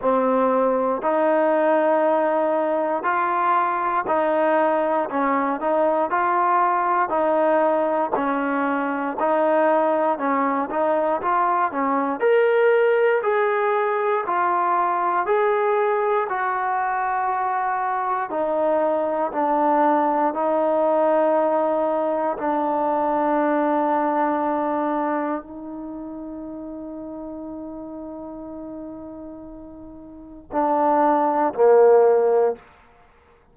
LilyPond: \new Staff \with { instrumentName = "trombone" } { \time 4/4 \tempo 4 = 59 c'4 dis'2 f'4 | dis'4 cis'8 dis'8 f'4 dis'4 | cis'4 dis'4 cis'8 dis'8 f'8 cis'8 | ais'4 gis'4 f'4 gis'4 |
fis'2 dis'4 d'4 | dis'2 d'2~ | d'4 dis'2.~ | dis'2 d'4 ais4 | }